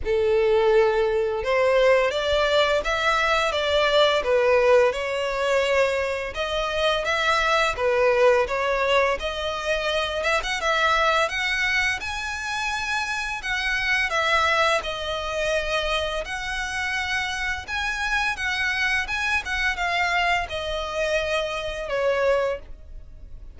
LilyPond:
\new Staff \with { instrumentName = "violin" } { \time 4/4 \tempo 4 = 85 a'2 c''4 d''4 | e''4 d''4 b'4 cis''4~ | cis''4 dis''4 e''4 b'4 | cis''4 dis''4. e''16 fis''16 e''4 |
fis''4 gis''2 fis''4 | e''4 dis''2 fis''4~ | fis''4 gis''4 fis''4 gis''8 fis''8 | f''4 dis''2 cis''4 | }